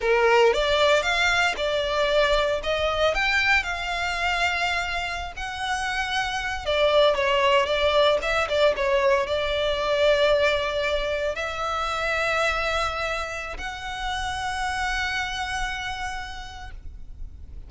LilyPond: \new Staff \with { instrumentName = "violin" } { \time 4/4 \tempo 4 = 115 ais'4 d''4 f''4 d''4~ | d''4 dis''4 g''4 f''4~ | f''2~ f''16 fis''4.~ fis''16~ | fis''8. d''4 cis''4 d''4 e''16~ |
e''16 d''8 cis''4 d''2~ d''16~ | d''4.~ d''16 e''2~ e''16~ | e''2 fis''2~ | fis''1 | }